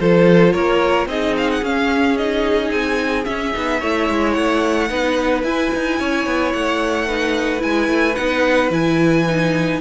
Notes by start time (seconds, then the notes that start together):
0.00 F3 F4 A4 C5
0.53 A#3 A#4 C#5
1.06 C4 D#4 G#4 D#5
1.37 F5
1.51 F#5
1.62 C#4 F5
2.17 D#4 D#5
2.71 C4 G#5
3.25 C#4 E5
3.53 B3 D#4
3.80 A3 E4 C#5
4.10 G#3
4.33 A3 F#5
4.89 B3 D#4 B4
5.43 E4 G#5
5.76 D#4
5.99 C#4 C#5
6.26 B3
6.53 A3 F#5
7.08 D#4 B4
7.59 G#3 E4 G#5
7.88 A3
8.15 B3 D#4 F#5
8.70 E3 E4 G#5
9.28 D#4